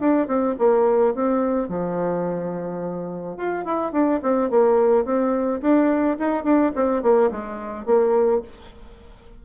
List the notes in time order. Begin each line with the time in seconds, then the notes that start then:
0.00 D4
0.28 C4
0.59 A#3
1.15 C4
1.69 F3
3.37 F4
3.66 E4
3.93 D4
4.23 C4
4.51 A#3
5.05 C4
5.62 D4
6.19 D#4
6.44 D4
6.75 C4
7.03 A#3
7.32 G#3
7.86 A#3